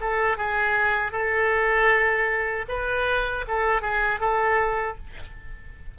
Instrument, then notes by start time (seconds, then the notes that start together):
oboe
0.00 A4
0.37 G#4
1.12 A4
2.68 B4
3.47 A4
3.81 G#4
4.20 A4